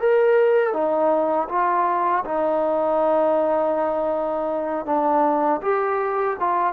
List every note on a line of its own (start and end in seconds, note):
0.00 0.73 A#4
0.73 1.48 D#4
1.49 2.24 F4
2.25 4.86 D#4
4.86 5.61 D4
5.62 6.37 G4
6.40 6.73 F4